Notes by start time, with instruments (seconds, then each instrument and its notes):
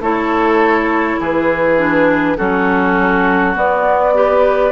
0.00 bassoon A3, clarinet E4, oboe A4, flute C#5
1.19 bassoon E3, oboe G#4, flute B4
1.78 clarinet D4
2.37 bassoon F#3, clarinet C#4, oboe F#4, flute A4
3.55 clarinet B3, bassoon B3, flute D5
4.14 clarinet G4, oboe B4